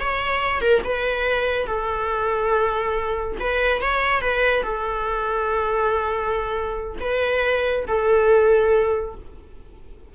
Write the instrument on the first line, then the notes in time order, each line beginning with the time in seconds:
viola
0.00 C#5
0.61 A#4
0.85 B4
1.67 A4
3.40 B4
3.82 C#5
4.22 B4
4.64 A4
7.01 B4
7.88 A4